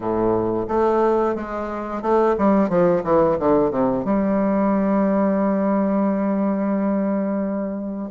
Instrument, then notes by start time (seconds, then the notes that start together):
bassoon
0.00 A2
0.67 A3
1.35 G#3
2.02 A3
2.37 G3
2.69 F3
3.03 E3
3.39 D3
3.70 C3
4.04 G3